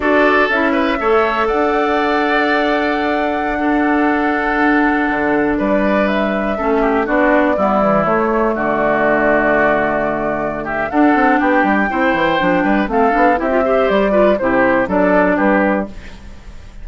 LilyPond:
<<
  \new Staff \with { instrumentName = "flute" } { \time 4/4 \tempo 4 = 121 d''4 e''2 fis''4~ | fis''1~ | fis''2.~ fis''16 d''8.~ | d''16 e''2 d''4.~ d''16~ |
d''16 cis''4 d''2~ d''8.~ | d''4. e''8 fis''4 g''4~ | g''2 f''4 e''4 | d''4 c''4 d''4 b'4 | }
  \new Staff \with { instrumentName = "oboe" } { \time 4/4 a'4. b'8 cis''4 d''4~ | d''2.~ d''16 a'8.~ | a'2.~ a'16 b'8.~ | b'4~ b'16 a'8 g'8 fis'4 e'8.~ |
e'4~ e'16 fis'2~ fis'8.~ | fis'4. g'8 a'4 g'4 | c''4. b'8 a'4 g'8 c''8~ | c''8 b'8 g'4 a'4 g'4 | }
  \new Staff \with { instrumentName = "clarinet" } { \time 4/4 fis'4 e'4 a'2~ | a'2.~ a'16 d'8.~ | d'1~ | d'4~ d'16 cis'4 d'4 b8 e16~ |
e16 a2.~ a8.~ | a2 d'2 | e'4 d'4 c'8 d'8 e'16 f'16 g'8~ | g'8 f'8 e'4 d'2 | }
  \new Staff \with { instrumentName = "bassoon" } { \time 4/4 d'4 cis'4 a4 d'4~ | d'1~ | d'2~ d'16 d4 g8.~ | g4~ g16 a4 b4 g8.~ |
g16 a4 d2~ d8.~ | d2 d'8 c'8 b8 g8 | c'8 e8 f8 g8 a8 b8 c'4 | g4 c4 fis4 g4 | }
>>